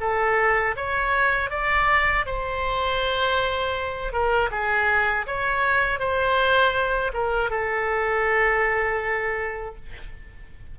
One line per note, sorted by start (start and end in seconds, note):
0.00 0.75 A4
0.76 1.50 C#5
1.50 2.25 D5
2.25 4.12 C5
4.12 4.50 A#4
4.51 5.26 G#4
5.26 5.99 C#5
5.99 7.11 C5
7.13 7.50 A#4
7.50 9.75 A4